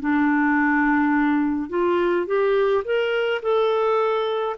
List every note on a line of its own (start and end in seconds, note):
0.00 1.69 D4
1.69 2.26 F4
2.26 2.83 G4
2.84 3.41 A#4
3.42 4.56 A4